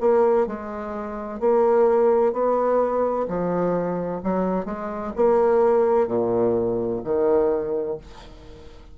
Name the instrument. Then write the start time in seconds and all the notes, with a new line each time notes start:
bassoon
0.00 A#3
0.46 G#3
1.40 A#3
2.32 B3
3.28 F3
4.23 F#3
4.65 G#3
5.16 A#3
6.07 A#2
7.04 D#3